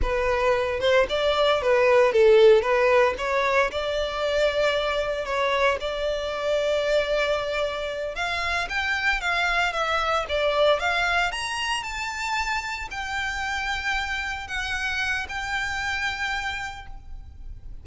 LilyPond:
\new Staff \with { instrumentName = "violin" } { \time 4/4 \tempo 4 = 114 b'4. c''8 d''4 b'4 | a'4 b'4 cis''4 d''4~ | d''2 cis''4 d''4~ | d''2.~ d''8 f''8~ |
f''8 g''4 f''4 e''4 d''8~ | d''8 f''4 ais''4 a''4.~ | a''8 g''2. fis''8~ | fis''4 g''2. | }